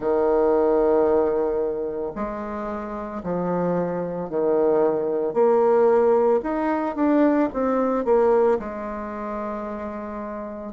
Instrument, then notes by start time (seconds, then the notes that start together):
bassoon
0.00 D#3
2.15 G#3
3.23 F3
4.29 D#3
5.33 A#3
6.42 D#4
6.95 D4
7.53 C4
8.04 A#3
8.59 G#3